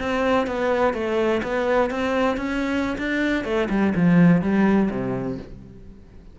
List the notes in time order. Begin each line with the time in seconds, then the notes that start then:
0.00 C4
0.47 B3
0.94 A3
1.43 B3
1.91 C4
2.37 C#4
2.98 D4
3.45 A3
3.70 G3
3.96 F3
4.42 G3
4.91 C3